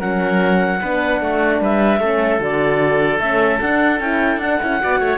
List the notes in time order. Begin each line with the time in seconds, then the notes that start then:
0.00 F#3 C#4 A#4 F#5
0.81 B3 D4 B4
1.21 A3 F#4
1.61 G3 B4 E5
2.00 A3 C#4 A4
2.40 D3 F#4 D5
3.19 A3 C#4 E5
3.61 D4 F#5
4.00 C#4 E4 G5
4.37 D4 F#5
4.61 C#4 E4
4.81 B3 F#4 D5
5.00 A3 C#5